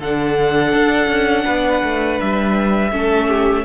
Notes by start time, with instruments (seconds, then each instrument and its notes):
0.00 cello D3, viola D4, violin A4 F#5
0.73 cello D4
1.08 cello C#4
1.45 cello B3, violin B4
1.84 cello A3
2.21 cello G3, violin E5
2.92 cello A3, viola C#4, violin A4
3.28 violin G4